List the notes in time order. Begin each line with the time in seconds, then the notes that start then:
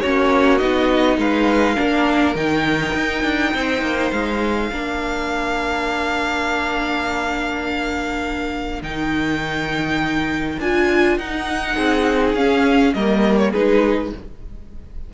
0.00 A#3 C#4 F#4 C#5
0.58 B3 D#4 D#5
1.17 G#3 B4 F5
1.74 A#3 D4 A#4
2.34 D#3 D#4 G5
2.94 D#4
3.23 D4
3.54 C4 C5
3.81 A#3
4.11 G#3 F5
4.71 A#3 D4 A#4
8.82 D#3 D#4 G5
10.59 D4 F4 G#5
11.18 D#4 F#5
11.76 C4 G#4
12.34 C#4 F5
12.93 G3 A#3 A#4 D#5
13.37 C#5
13.50 G#3 D#4 G#4 B4